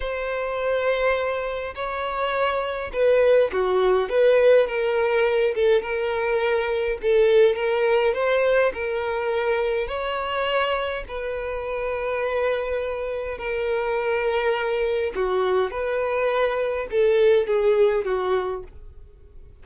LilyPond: \new Staff \with { instrumentName = "violin" } { \time 4/4 \tempo 4 = 103 c''2. cis''4~ | cis''4 b'4 fis'4 b'4 | ais'4. a'8 ais'2 | a'4 ais'4 c''4 ais'4~ |
ais'4 cis''2 b'4~ | b'2. ais'4~ | ais'2 fis'4 b'4~ | b'4 a'4 gis'4 fis'4 | }